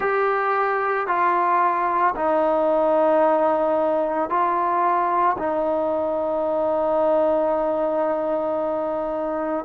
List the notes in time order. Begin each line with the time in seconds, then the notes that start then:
0.00 G4
1.07 F4
2.15 D#4
4.29 F4
5.38 D#4